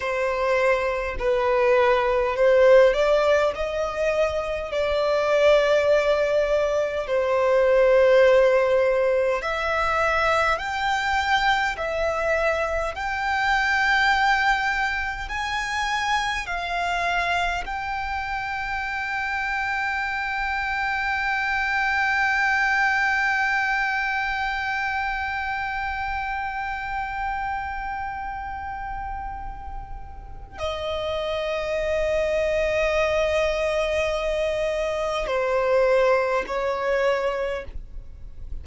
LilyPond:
\new Staff \with { instrumentName = "violin" } { \time 4/4 \tempo 4 = 51 c''4 b'4 c''8 d''8 dis''4 | d''2 c''2 | e''4 g''4 e''4 g''4~ | g''4 gis''4 f''4 g''4~ |
g''1~ | g''1~ | g''2 dis''2~ | dis''2 c''4 cis''4 | }